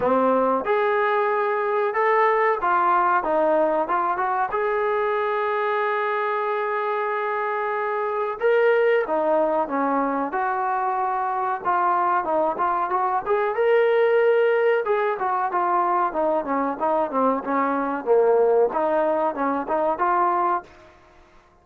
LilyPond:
\new Staff \with { instrumentName = "trombone" } { \time 4/4 \tempo 4 = 93 c'4 gis'2 a'4 | f'4 dis'4 f'8 fis'8 gis'4~ | gis'1~ | gis'4 ais'4 dis'4 cis'4 |
fis'2 f'4 dis'8 f'8 | fis'8 gis'8 ais'2 gis'8 fis'8 | f'4 dis'8 cis'8 dis'8 c'8 cis'4 | ais4 dis'4 cis'8 dis'8 f'4 | }